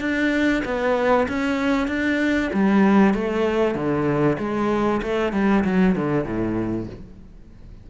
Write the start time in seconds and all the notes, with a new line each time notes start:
0.00 D4
0.64 B3
1.28 C#4
1.88 D4
2.53 G3
3.14 A3
3.74 D3
4.38 G#3
5.02 A3
5.32 G3
5.64 F#3
5.95 D3
6.24 A2